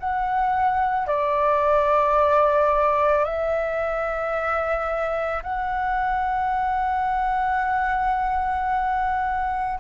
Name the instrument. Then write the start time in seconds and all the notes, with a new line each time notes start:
flute
0.00 F#5
1.07 D5
3.25 E5
5.43 F#5